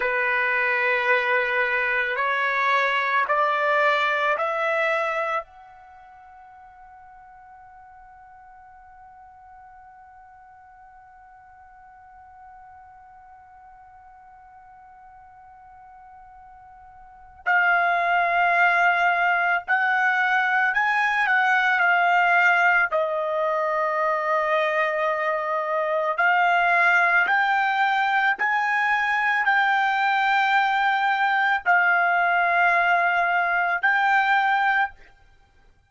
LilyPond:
\new Staff \with { instrumentName = "trumpet" } { \time 4/4 \tempo 4 = 55 b'2 cis''4 d''4 | e''4 fis''2.~ | fis''1~ | fis''1 |
f''2 fis''4 gis''8 fis''8 | f''4 dis''2. | f''4 g''4 gis''4 g''4~ | g''4 f''2 g''4 | }